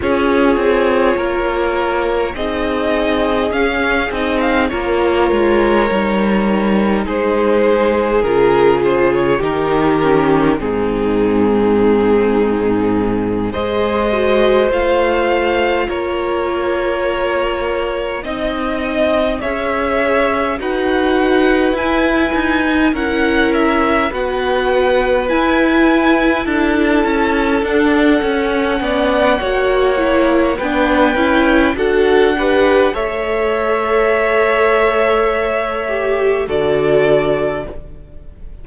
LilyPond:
<<
  \new Staff \with { instrumentName = "violin" } { \time 4/4 \tempo 4 = 51 cis''2 dis''4 f''8 dis''16 f''16 | cis''2 c''4 ais'8 c''16 cis''16 | ais'4 gis'2~ gis'8 dis''8~ | dis''8 f''4 cis''2 dis''8~ |
dis''8 e''4 fis''4 gis''4 fis''8 | e''8 fis''4 gis''4 a''4 fis''8~ | fis''2 g''4 fis''4 | e''2. d''4 | }
  \new Staff \with { instrumentName = "violin" } { \time 4/4 gis'4 ais'4 gis'2 | ais'2 gis'2 | g'4 dis'2~ dis'8 c''8~ | c''4. ais'2 dis''8~ |
dis''8 cis''4 b'2 ais'8~ | ais'8 b'2 a'4.~ | a'8 d''8 cis''4 b'4 a'8 b'8 | cis''2. a'4 | }
  \new Staff \with { instrumentName = "viola" } { \time 4/4 f'2 dis'4 cis'8 dis'8 | f'4 dis'2 f'4 | dis'8 cis'8 c'2~ c'8 gis'8 | fis'8 f'2. dis'8~ |
dis'8 gis'4 fis'4 e'8. dis'16 e'8~ | e'8 fis'4 e'2 d'8 | cis'4 fis'8 e'8 d'8 e'8 fis'8 g'8 | a'2~ a'8 g'8 fis'4 | }
  \new Staff \with { instrumentName = "cello" } { \time 4/4 cis'8 c'8 ais4 c'4 cis'8 c'8 | ais8 gis8 g4 gis4 cis4 | dis4 gis,2~ gis,8 gis8~ | gis8 a4 ais2 c'8~ |
c'8 cis'4 dis'4 e'8 dis'8 cis'8~ | cis'8 b4 e'4 d'8 cis'8 d'8 | cis'8 b8 ais4 b8 cis'8 d'4 | a2. d4 | }
>>